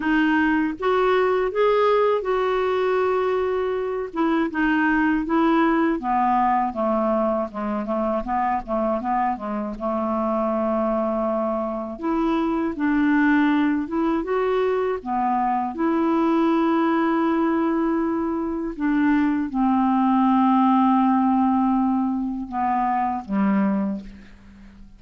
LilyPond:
\new Staff \with { instrumentName = "clarinet" } { \time 4/4 \tempo 4 = 80 dis'4 fis'4 gis'4 fis'4~ | fis'4. e'8 dis'4 e'4 | b4 a4 gis8 a8 b8 a8 | b8 gis8 a2. |
e'4 d'4. e'8 fis'4 | b4 e'2.~ | e'4 d'4 c'2~ | c'2 b4 g4 | }